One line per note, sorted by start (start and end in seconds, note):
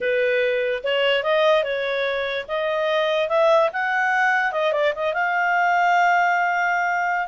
0.00 0.82 B4
0.83 1.23 C#5
1.23 1.63 D#5
1.63 2.45 C#5
2.48 3.29 D#5
3.29 3.70 E5
3.72 4.52 F#5
4.52 4.72 D#5
4.72 4.93 D5
4.95 5.13 D#5
5.13 7.27 F5